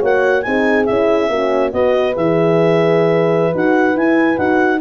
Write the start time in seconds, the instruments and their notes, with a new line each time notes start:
0.00 tuba A#3, horn F#4 C#5, clarinet F#5
0.43 tuba C4, horn D#4 G#4, clarinet G#5
0.86 tuba C#4, horn E4, clarinet E5
1.30 tuba A#3, horn C#4 F#4
1.72 tuba B3, horn F#4 B4, clarinet D#5
2.16 tuba E3, horn G#4, clarinet E5
3.54 tuba D#4, horn F#4, clarinet F#5
3.96 tuba E4, horn E4, clarinet G#5
4.38 tuba D#4, horn F#4, clarinet F#5